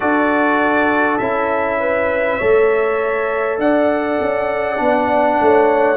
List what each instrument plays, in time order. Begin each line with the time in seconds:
0.00 tuba D4, trombone F#4, horn A4, trumpet D5
1.18 tuba C#4, trombone E4, trumpet E5
1.79 horn B4
2.38 tuba A3, trombone A4, horn C#5
3.58 tuba D4, horn D5, trumpet F#5
4.20 tuba C#4
4.76 tuba B3, trombone D4
5.41 tuba A3, horn C#5